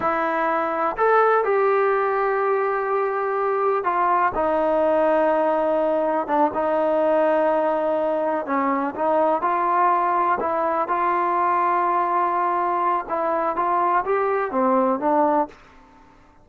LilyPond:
\new Staff \with { instrumentName = "trombone" } { \time 4/4 \tempo 4 = 124 e'2 a'4 g'4~ | g'1 | f'4 dis'2.~ | dis'4 d'8 dis'2~ dis'8~ |
dis'4. cis'4 dis'4 f'8~ | f'4. e'4 f'4.~ | f'2. e'4 | f'4 g'4 c'4 d'4 | }